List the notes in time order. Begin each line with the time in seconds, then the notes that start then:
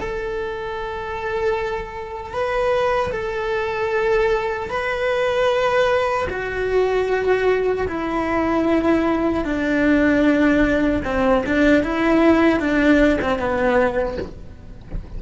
0.00 A4
2.34 B4
3.12 A4
4.70 B4
6.29 F#4
7.88 E4
9.44 D4
11.04 C4
11.46 D4
11.83 E4
12.60 D4
13.21 C4
13.39 B3